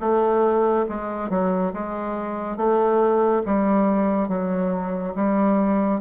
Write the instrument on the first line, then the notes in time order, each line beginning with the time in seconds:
bassoon
0.00 A3
0.89 G#3
1.30 F#3
1.73 G#3
2.57 A3
3.46 G3
4.29 F#3
5.15 G3